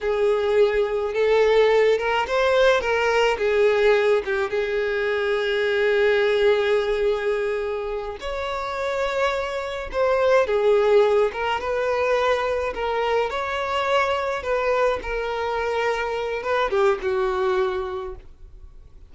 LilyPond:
\new Staff \with { instrumentName = "violin" } { \time 4/4 \tempo 4 = 106 gis'2 a'4. ais'8 | c''4 ais'4 gis'4. g'8 | gis'1~ | gis'2~ gis'8 cis''4.~ |
cis''4. c''4 gis'4. | ais'8 b'2 ais'4 cis''8~ | cis''4. b'4 ais'4.~ | ais'4 b'8 g'8 fis'2 | }